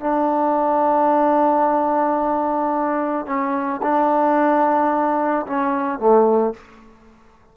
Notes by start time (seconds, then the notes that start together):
0.00 D4
3.26 C#4
3.83 D4
5.46 C#4
5.99 A3